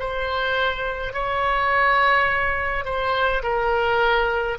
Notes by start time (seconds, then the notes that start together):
0.00 C5
1.13 C#5
2.85 C5
3.43 A#4